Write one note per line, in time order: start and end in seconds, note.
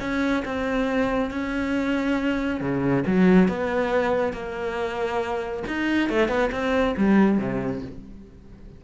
0.00 0.43 C#4
0.45 1.30 C4
1.30 2.60 C#4
2.60 3.04 C#3
3.06 3.48 F#3
3.48 4.33 B3
4.33 5.63 A#3
5.67 6.09 D#4
6.09 6.28 A3
6.28 6.50 B3
6.52 6.95 C4
6.97 7.38 G3
7.38 7.82 C3